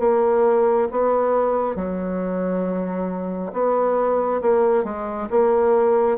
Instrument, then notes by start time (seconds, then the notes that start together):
bassoon
0.00 A#3
0.91 B3
1.76 F#3
3.53 B3
4.42 A#3
4.84 G#3
5.31 A#3